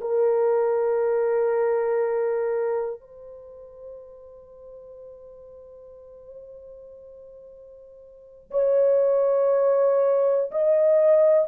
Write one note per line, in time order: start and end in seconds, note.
0.00 3.00 A#4
3.00 8.50 C5
8.50 10.50 C#5
10.50 11.48 D#5